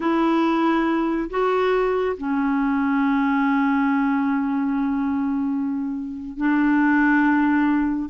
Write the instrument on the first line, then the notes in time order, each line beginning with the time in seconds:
clarinet
0.00 E4
1.29 F#4
2.17 C#4
6.37 D4